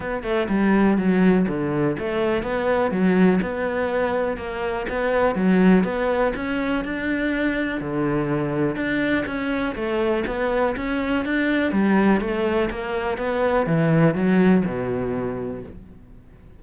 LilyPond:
\new Staff \with { instrumentName = "cello" } { \time 4/4 \tempo 4 = 123 b8 a8 g4 fis4 d4 | a4 b4 fis4 b4~ | b4 ais4 b4 fis4 | b4 cis'4 d'2 |
d2 d'4 cis'4 | a4 b4 cis'4 d'4 | g4 a4 ais4 b4 | e4 fis4 b,2 | }